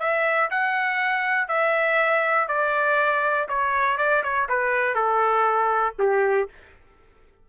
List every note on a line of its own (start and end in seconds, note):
0.00 0.50 E5
0.51 1.48 F#5
1.48 2.48 E5
2.48 3.48 D5
3.49 3.98 C#5
3.98 4.23 D5
4.24 4.49 C#5
4.49 4.95 B4
4.95 5.95 A4
5.99 6.49 G4